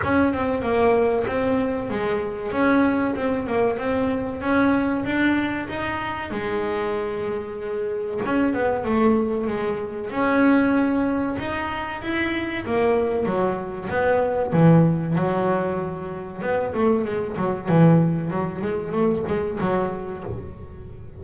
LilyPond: \new Staff \with { instrumentName = "double bass" } { \time 4/4 \tempo 4 = 95 cis'8 c'8 ais4 c'4 gis4 | cis'4 c'8 ais8 c'4 cis'4 | d'4 dis'4 gis2~ | gis4 cis'8 b8 a4 gis4 |
cis'2 dis'4 e'4 | ais4 fis4 b4 e4 | fis2 b8 a8 gis8 fis8 | e4 fis8 gis8 a8 gis8 fis4 | }